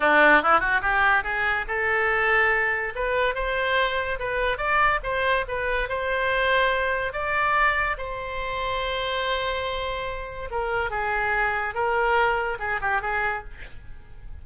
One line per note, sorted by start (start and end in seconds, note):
0.00 0.42 D4
0.42 0.60 E4
0.60 0.81 F#4
0.81 1.23 G4
1.23 1.65 G#4
1.67 2.93 A4
2.95 3.34 B4
3.34 4.18 C5
4.19 4.57 B4
4.57 4.99 D5
5.03 5.45 C5
5.48 5.88 B4
5.88 7.12 C5
7.12 7.96 D5
7.97 10.49 C5
10.50 10.90 A#4
10.90 11.74 G#4
11.74 12.58 A#4
12.59 12.80 G#4
12.81 13.01 G4
13.01 13.43 G#4